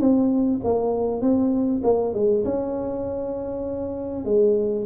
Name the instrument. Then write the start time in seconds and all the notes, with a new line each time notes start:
tuba
0.00 C4
0.64 A#3
1.21 C4
1.84 A#3
2.14 G#3
2.45 C#4
4.25 G#3